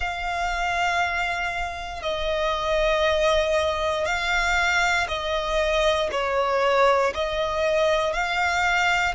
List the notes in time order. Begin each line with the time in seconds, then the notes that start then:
0.00 F5
2.02 D#5
4.05 F5
5.08 D#5
6.11 C#5
7.14 D#5
8.13 F5